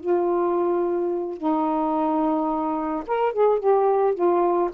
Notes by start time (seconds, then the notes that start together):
0.00 F4
1.37 D#4
3.07 A#4
3.33 G#4
3.59 G4
4.15 F4